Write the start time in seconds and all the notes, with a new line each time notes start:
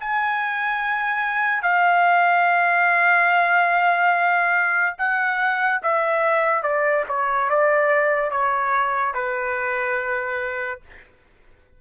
0.00 G#5
1.62 F5
4.98 F#5
5.83 E5
6.62 D5
7.08 C#5
7.50 D5
8.31 C#5
9.14 B4